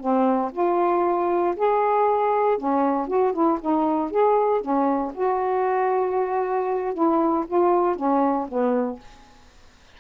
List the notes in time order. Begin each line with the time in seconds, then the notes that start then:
0.00 C4
0.52 F4
1.56 G#4
2.58 C#4
3.07 F#4
3.33 E4
3.61 D#4
4.10 G#4
4.61 C#4
5.14 F#4
6.93 E4
7.47 F4
7.96 C#4
8.48 B3